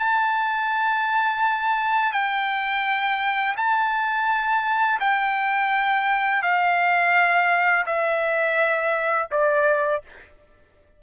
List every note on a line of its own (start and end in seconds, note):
0.00 2.13 A5
2.13 3.56 G5
3.57 5.00 A5
5.01 6.43 G5
6.43 7.86 F5
7.86 9.29 E5
9.31 10.03 D5